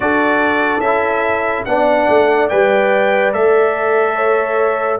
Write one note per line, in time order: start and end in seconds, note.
0.00 0.79 D4
0.00 0.81 F#4
0.00 1.68 A4
0.00 0.80 D5
0.79 1.63 C#4
0.79 1.67 E4
0.79 1.63 E5
1.65 2.08 B3
1.65 2.50 D4
1.65 4.15 D5
1.65 2.48 F#5
2.09 2.50 A3
2.49 3.34 G3
2.49 3.32 B4
2.49 3.32 G5
3.32 4.99 A3
3.32 4.99 A4
3.32 4.99 E5
4.15 4.98 C#5